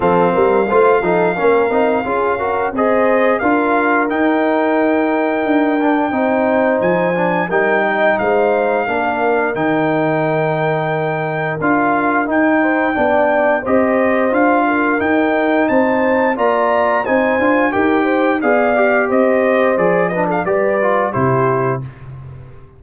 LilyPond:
<<
  \new Staff \with { instrumentName = "trumpet" } { \time 4/4 \tempo 4 = 88 f''1 | dis''4 f''4 g''2~ | g''2 gis''4 g''4 | f''2 g''2~ |
g''4 f''4 g''2 | dis''4 f''4 g''4 a''4 | ais''4 gis''4 g''4 f''4 | dis''4 d''8 dis''16 f''16 d''4 c''4 | }
  \new Staff \with { instrumentName = "horn" } { \time 4/4 a'8 ais'8 c''8 a'8 ais'4 gis'8 ais'8 | c''4 ais'2.~ | ais'4 c''2 ais'8 dis''8 | c''4 ais'2.~ |
ais'2~ ais'8 c''8 d''4 | c''4. ais'4. c''4 | d''4 c''4 ais'8 c''8 d''4 | c''4. b'16 a'16 b'4 g'4 | }
  \new Staff \with { instrumentName = "trombone" } { \time 4/4 c'4 f'8 dis'8 cis'8 dis'8 f'8 fis'8 | gis'4 f'4 dis'2~ | dis'8 d'8 dis'4. d'8 dis'4~ | dis'4 d'4 dis'2~ |
dis'4 f'4 dis'4 d'4 | g'4 f'4 dis'2 | f'4 dis'8 f'8 g'4 gis'8 g'8~ | g'4 gis'8 d'8 g'8 f'8 e'4 | }
  \new Staff \with { instrumentName = "tuba" } { \time 4/4 f8 g8 a8 f8 ais8 c'8 cis'4 | c'4 d'4 dis'2 | d'4 c'4 f4 g4 | gis4 ais4 dis2~ |
dis4 d'4 dis'4 b4 | c'4 d'4 dis'4 c'4 | ais4 c'8 d'8 dis'4 b4 | c'4 f4 g4 c4 | }
>>